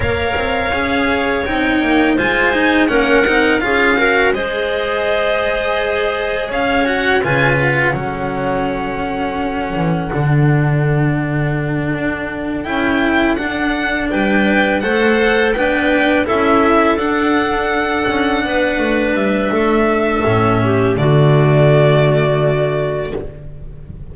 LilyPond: <<
  \new Staff \with { instrumentName = "violin" } { \time 4/4 \tempo 4 = 83 f''2 g''4 gis''4 | fis''4 f''4 dis''2~ | dis''4 f''8 fis''8 gis''8 fis''4.~ | fis''1~ |
fis''4. g''4 fis''4 g''8~ | g''8 fis''4 g''4 e''4 fis''8~ | fis''2~ fis''8 e''4.~ | e''4 d''2. | }
  \new Staff \with { instrumentName = "clarinet" } { \time 4/4 cis''2. c''4 | ais'4 gis'8 ais'8 c''2~ | c''4 cis''4 b'4 a'4~ | a'1~ |
a'2.~ a'8 b'8~ | b'8 c''4 b'4 a'4.~ | a'4. b'4. a'4~ | a'8 g'8 fis'2. | }
  \new Staff \with { instrumentName = "cello" } { \time 4/4 ais'4 gis'4 dis'4 f'8 dis'8 | cis'8 dis'8 f'8 fis'8 gis'2~ | gis'4. fis'8 f'4 cis'4~ | cis'2 d'2~ |
d'4. e'4 d'4.~ | d'8 a'4 d'4 e'4 d'8~ | d'1 | cis'4 a2. | }
  \new Staff \with { instrumentName = "double bass" } { \time 4/4 ais8 c'8 cis'4 c'8 ais8 gis4 | ais8 c'8 cis'4 gis2~ | gis4 cis'4 cis4 fis4~ | fis4. e8 d2~ |
d8 d'4 cis'4 d'4 g8~ | g8 a4 b4 cis'4 d'8~ | d'4 cis'8 b8 a8 g8 a4 | a,4 d2. | }
>>